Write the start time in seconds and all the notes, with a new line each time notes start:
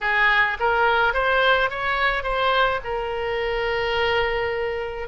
0.01 G#4
0.59 A#4
1.13 C5
1.70 C#5
2.23 C5
2.84 A#4